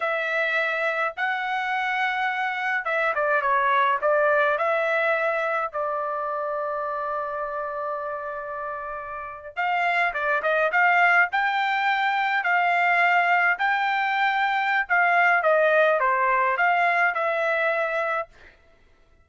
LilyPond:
\new Staff \with { instrumentName = "trumpet" } { \time 4/4 \tempo 4 = 105 e''2 fis''2~ | fis''4 e''8 d''8 cis''4 d''4 | e''2 d''2~ | d''1~ |
d''8. f''4 d''8 dis''8 f''4 g''16~ | g''4.~ g''16 f''2 g''16~ | g''2 f''4 dis''4 | c''4 f''4 e''2 | }